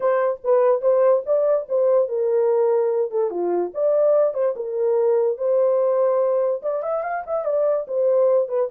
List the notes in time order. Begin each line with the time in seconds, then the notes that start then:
0.00 C5
0.44 B4
0.81 C5
1.25 D5
1.68 C5
2.08 A#4
3.11 A4
3.30 F4
3.74 D5
4.34 C5
4.55 A#4
5.37 C5
6.62 D5
6.83 E5
7.03 F5
7.26 E5
7.44 D5
7.87 C5
8.48 B4